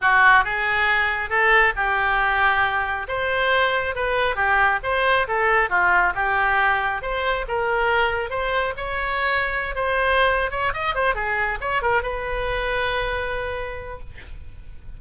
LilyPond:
\new Staff \with { instrumentName = "oboe" } { \time 4/4 \tempo 4 = 137 fis'4 gis'2 a'4 | g'2. c''4~ | c''4 b'4 g'4 c''4 | a'4 f'4 g'2 |
c''4 ais'2 c''4 | cis''2~ cis''16 c''4.~ c''16 | cis''8 dis''8 c''8 gis'4 cis''8 ais'8 b'8~ | b'1 | }